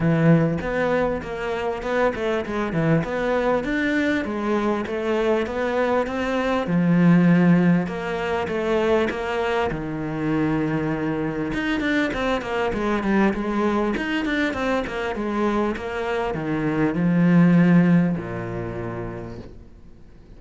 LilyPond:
\new Staff \with { instrumentName = "cello" } { \time 4/4 \tempo 4 = 99 e4 b4 ais4 b8 a8 | gis8 e8 b4 d'4 gis4 | a4 b4 c'4 f4~ | f4 ais4 a4 ais4 |
dis2. dis'8 d'8 | c'8 ais8 gis8 g8 gis4 dis'8 d'8 | c'8 ais8 gis4 ais4 dis4 | f2 ais,2 | }